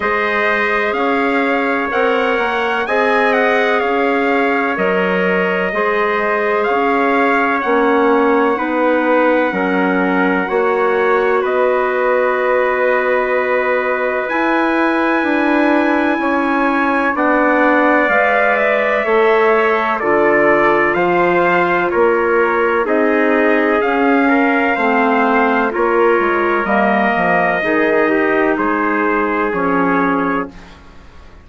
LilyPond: <<
  \new Staff \with { instrumentName = "trumpet" } { \time 4/4 \tempo 4 = 63 dis''4 f''4 fis''4 gis''8 fis''8 | f''4 dis''2 f''4 | fis''1 | dis''2. gis''4~ |
gis''2 fis''4 f''8 e''8~ | e''4 d''4 f''4 cis''4 | dis''4 f''2 cis''4 | dis''2 c''4 cis''4 | }
  \new Staff \with { instrumentName = "trumpet" } { \time 4/4 c''4 cis''2 dis''4 | cis''2 c''4 cis''4~ | cis''4 b'4 ais'4 cis''4 | b'1~ |
b'4 cis''4 d''2 | cis''4 a'4 c''4 ais'4 | gis'4. ais'8 c''4 ais'4~ | ais'4 gis'8 g'8 gis'2 | }
  \new Staff \with { instrumentName = "clarinet" } { \time 4/4 gis'2 ais'4 gis'4~ | gis'4 ais'4 gis'2 | cis'4 dis'4 cis'4 fis'4~ | fis'2. e'4~ |
e'2 d'4 b'4 | a'4 f'2. | dis'4 cis'4 c'4 f'4 | ais4 dis'2 cis'4 | }
  \new Staff \with { instrumentName = "bassoon" } { \time 4/4 gis4 cis'4 c'8 ais8 c'4 | cis'4 fis4 gis4 cis'4 | ais4 b4 fis4 ais4 | b2. e'4 |
d'4 cis'4 b4 gis4 | a4 d4 f4 ais4 | c'4 cis'4 a4 ais8 gis8 | g8 f8 dis4 gis4 f4 | }
>>